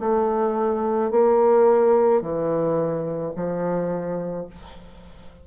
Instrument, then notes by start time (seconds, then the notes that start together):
bassoon
0.00 A3
1.11 A#3
2.22 E3
3.36 F3